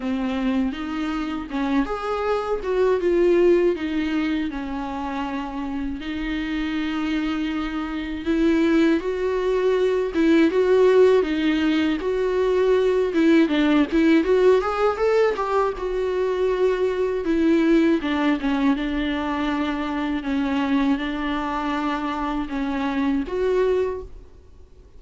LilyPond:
\new Staff \with { instrumentName = "viola" } { \time 4/4 \tempo 4 = 80 c'4 dis'4 cis'8 gis'4 fis'8 | f'4 dis'4 cis'2 | dis'2. e'4 | fis'4. e'8 fis'4 dis'4 |
fis'4. e'8 d'8 e'8 fis'8 gis'8 | a'8 g'8 fis'2 e'4 | d'8 cis'8 d'2 cis'4 | d'2 cis'4 fis'4 | }